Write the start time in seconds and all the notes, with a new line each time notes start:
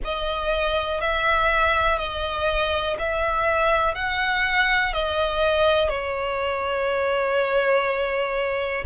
0.04 D#5
1.01 E5
1.98 D#5
2.98 E5
3.94 F#5
4.93 D#5
5.89 C#5